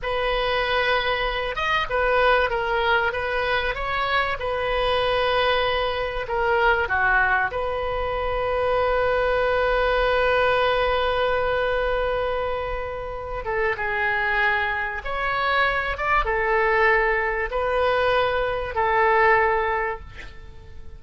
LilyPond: \new Staff \with { instrumentName = "oboe" } { \time 4/4 \tempo 4 = 96 b'2~ b'8 dis''8 b'4 | ais'4 b'4 cis''4 b'4~ | b'2 ais'4 fis'4 | b'1~ |
b'1~ | b'4. a'8 gis'2 | cis''4. d''8 a'2 | b'2 a'2 | }